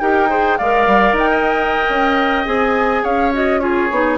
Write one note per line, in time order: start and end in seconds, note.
0.00 0.59 D#4
0.00 0.29 G4
0.00 0.29 A#4
0.00 0.57 G5
0.29 0.58 G#4
0.29 0.58 C5
0.57 0.87 G#3
0.57 2.45 A#4
0.57 1.30 D5
0.57 1.15 F5
0.87 1.12 G3
1.12 1.84 D#4
1.12 2.46 G5
1.30 3.03 D#5
1.89 2.46 C#4
2.45 3.04 C4
2.45 3.32 G#4
2.45 3.04 G#5
3.03 3.90 C#4
3.03 3.60 C#5
3.03 3.33 F5
3.33 3.60 F#4
3.33 3.59 D#5
3.59 3.89 F4
3.59 4.18 G#4
3.59 4.17 C#5
3.90 4.18 B3
3.90 4.18 D#4